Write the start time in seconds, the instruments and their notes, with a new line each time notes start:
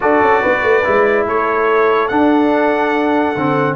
0.00 tuba D4, trombone F#4, horn A4, trumpet D5
0.21 tuba C#4
0.41 tuba B3, horn B4
0.62 tuba A3
0.84 tuba G#3, trombone E4
1.26 tuba A3, horn A4, trumpet C#5
2.08 trombone D4, tuba D4, trumpet F#5
3.35 tuba D3, trombone C4